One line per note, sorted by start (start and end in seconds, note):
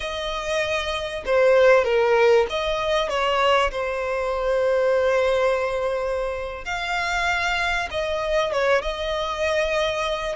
0.00 1.24 D#5
1.25 1.84 C5
1.84 2.46 A#4
2.49 3.09 D#5
3.09 3.71 C#5
3.71 6.65 C5
6.65 7.88 F5
7.90 8.52 D#5
8.52 8.82 C#5
8.82 10.36 D#5